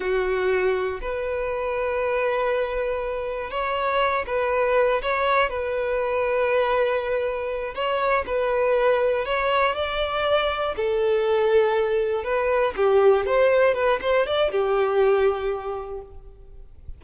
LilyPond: \new Staff \with { instrumentName = "violin" } { \time 4/4 \tempo 4 = 120 fis'2 b'2~ | b'2. cis''4~ | cis''8 b'4. cis''4 b'4~ | b'2.~ b'8 cis''8~ |
cis''8 b'2 cis''4 d''8~ | d''4. a'2~ a'8~ | a'8 b'4 g'4 c''4 b'8 | c''8 d''8 g'2. | }